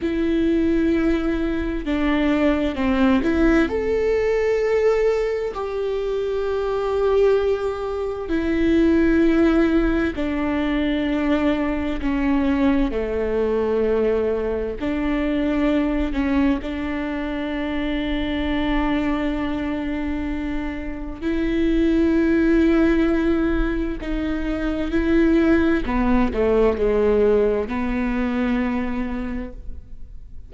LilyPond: \new Staff \with { instrumentName = "viola" } { \time 4/4 \tempo 4 = 65 e'2 d'4 c'8 e'8 | a'2 g'2~ | g'4 e'2 d'4~ | d'4 cis'4 a2 |
d'4. cis'8 d'2~ | d'2. e'4~ | e'2 dis'4 e'4 | b8 a8 gis4 b2 | }